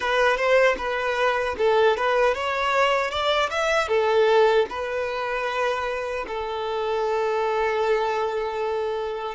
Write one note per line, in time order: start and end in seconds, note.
0.00 0.36 B4
0.36 0.75 C5
0.77 1.55 B4
1.58 1.96 A4
1.96 2.34 B4
2.34 3.10 C#5
3.10 3.49 D5
3.50 3.87 E5
3.87 4.65 A4
4.69 6.25 B4
6.27 9.34 A4